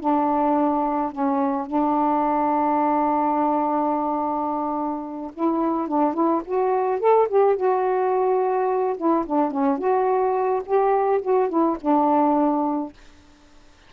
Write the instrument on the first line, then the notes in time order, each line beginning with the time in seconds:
saxophone
0.00 D4
1.12 C#4
1.67 D4
5.34 E4
5.88 D4
6.14 E4
6.45 F#4
7.00 A4
7.29 G4
7.57 F#4
8.98 E4
9.27 D4
9.51 C#4
9.79 F#4
10.66 G4
11.22 F#4
11.49 E4
11.81 D4